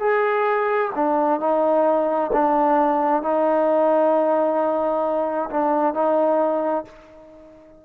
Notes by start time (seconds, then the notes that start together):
0.00 G#4
0.96 D4
1.40 D#4
2.33 D4
3.23 D#4
5.51 D4
5.95 D#4